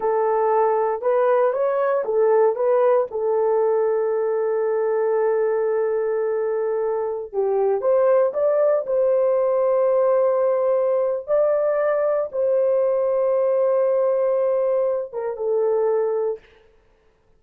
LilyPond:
\new Staff \with { instrumentName = "horn" } { \time 4/4 \tempo 4 = 117 a'2 b'4 cis''4 | a'4 b'4 a'2~ | a'1~ | a'2~ a'16 g'4 c''8.~ |
c''16 d''4 c''2~ c''8.~ | c''2 d''2 | c''1~ | c''4. ais'8 a'2 | }